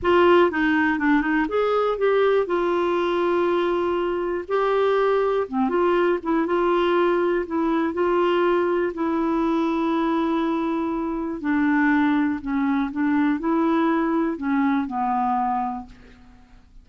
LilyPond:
\new Staff \with { instrumentName = "clarinet" } { \time 4/4 \tempo 4 = 121 f'4 dis'4 d'8 dis'8 gis'4 | g'4 f'2.~ | f'4 g'2 c'8 f'8~ | f'8 e'8 f'2 e'4 |
f'2 e'2~ | e'2. d'4~ | d'4 cis'4 d'4 e'4~ | e'4 cis'4 b2 | }